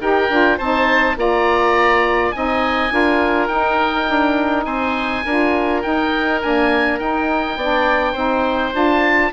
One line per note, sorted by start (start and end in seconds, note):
0.00 0.29 D#4
0.00 0.29 G4
0.00 0.57 A#4
0.00 0.58 G5
0.29 0.59 D4
0.29 0.59 F4
0.57 1.16 C4
0.57 1.16 D#4
0.57 1.15 C5
0.57 1.17 A5
1.16 2.33 A#3
1.16 2.33 F4
1.16 2.35 D5
1.16 2.31 A#5
2.31 2.91 C4
2.31 2.90 D#4
2.31 2.93 D#5
2.31 3.47 G#5
2.90 3.48 D4
2.90 3.48 F4
2.90 4.66 A#4
3.47 4.06 D#4
3.47 5.24 D#4
3.47 4.64 G5
4.09 4.65 D4
4.65 5.24 C4
4.65 5.24 C5
4.65 5.81 G#5
5.25 5.83 D4
5.25 5.82 F4
5.25 7.58 A#4
5.82 6.40 D#4
5.82 6.43 D#4
5.82 6.40 G5
6.42 7.00 A#3
6.42 7.00 D4
6.42 6.99 G#5
6.99 7.56 D#4
6.99 7.58 D#4
6.99 8.74 G5
7.56 8.14 B3
7.56 8.15 D4
7.56 8.12 D5
8.12 8.72 C4
8.12 8.72 D#4
8.12 9.29 C5
8.72 9.31 D4
8.72 9.30 F4
8.72 9.33 A5